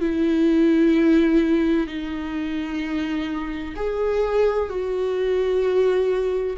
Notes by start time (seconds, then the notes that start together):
0.00 E4
1.87 D#4
3.75 G#4
4.69 F#4